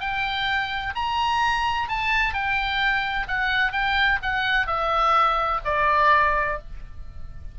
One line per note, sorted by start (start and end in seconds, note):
0.00 0.94 G5
0.95 1.88 A#5
1.88 2.34 A5
2.34 3.27 G5
3.28 3.72 F#5
3.72 4.19 G5
4.22 4.67 F#5
4.67 5.60 E5
5.65 6.59 D5